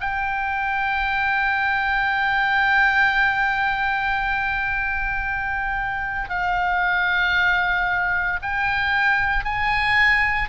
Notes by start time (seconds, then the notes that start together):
0.00 G5
6.29 F5
8.42 G5
9.44 G#5